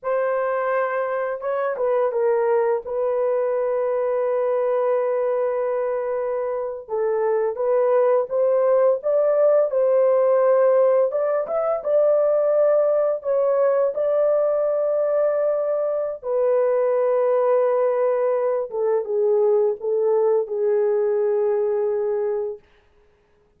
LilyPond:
\new Staff \with { instrumentName = "horn" } { \time 4/4 \tempo 4 = 85 c''2 cis''8 b'8 ais'4 | b'1~ | b'4.~ b'16 a'4 b'4 c''16~ | c''8. d''4 c''2 d''16~ |
d''16 e''8 d''2 cis''4 d''16~ | d''2. b'4~ | b'2~ b'8 a'8 gis'4 | a'4 gis'2. | }